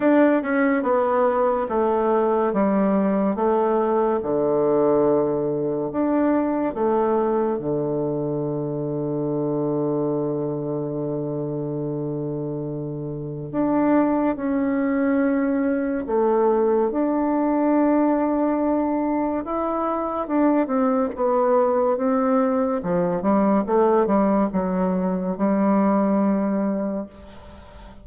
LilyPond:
\new Staff \with { instrumentName = "bassoon" } { \time 4/4 \tempo 4 = 71 d'8 cis'8 b4 a4 g4 | a4 d2 d'4 | a4 d2.~ | d1 |
d'4 cis'2 a4 | d'2. e'4 | d'8 c'8 b4 c'4 f8 g8 | a8 g8 fis4 g2 | }